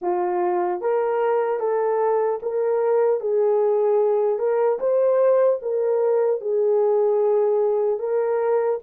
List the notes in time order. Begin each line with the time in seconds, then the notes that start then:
0.01 F4
0.81 A#4
1.59 A4
2.42 A#4
3.20 G#4
4.38 A#4
4.79 C5
5.61 A#4
6.40 G#4
7.99 A#4